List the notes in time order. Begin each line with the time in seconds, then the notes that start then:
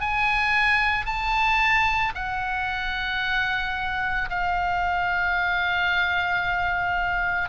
0.00 G#5
1.05 A5
2.15 F#5
4.29 F5